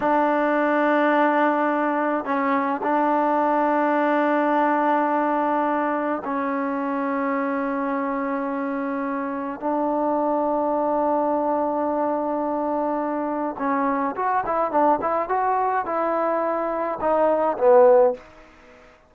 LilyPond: \new Staff \with { instrumentName = "trombone" } { \time 4/4 \tempo 4 = 106 d'1 | cis'4 d'2.~ | d'2. cis'4~ | cis'1~ |
cis'4 d'2.~ | d'1 | cis'4 fis'8 e'8 d'8 e'8 fis'4 | e'2 dis'4 b4 | }